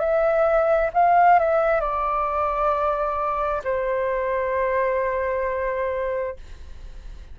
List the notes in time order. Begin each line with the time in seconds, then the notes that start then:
0.00 E5
0.94 F5
1.40 E5
1.81 D5
3.64 C5